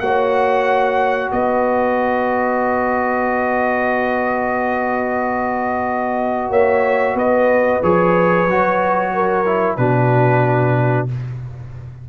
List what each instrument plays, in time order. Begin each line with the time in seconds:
0.00 tuba A#3, trombone F#4, horn C#5, trumpet F#5
1.32 tuba B3, horn B4, trumpet D#5
6.50 tuba A#3, horn C#5, trumpet E5
7.15 tuba B3, horn B4, trumpet D#5
7.83 tuba F3, trombone G#4, trumpet C#5
8.47 tuba F#3, trombone F#4
9.14 horn A#4
9.46 trombone E4
9.76 tuba B2, trombone D4, horn F#4, trumpet B4